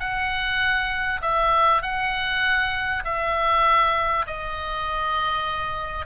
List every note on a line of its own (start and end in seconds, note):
0.00 1.21 F#5
1.21 1.82 E5
1.82 3.04 F#5
3.05 4.26 E5
4.27 6.06 D#5